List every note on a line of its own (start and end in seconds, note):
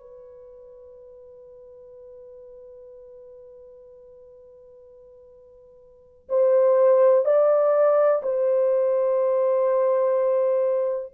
0.00 6.29 B4
6.29 7.25 C5
7.25 8.22 D5
8.23 11.13 C5